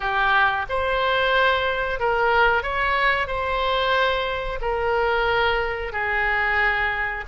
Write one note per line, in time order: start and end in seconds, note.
0.00 0.66 G4
0.69 1.99 C5
1.99 2.63 A#4
2.63 3.27 C#5
3.27 4.59 C5
4.61 5.92 A#4
5.92 7.24 G#4